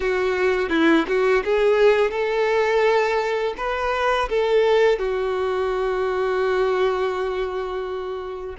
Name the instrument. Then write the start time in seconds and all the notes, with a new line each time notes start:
violin
0.00 F#4
0.69 E4
1.07 F#4
1.44 G#4
2.11 A4
3.57 B4
4.29 A4
4.98 F#4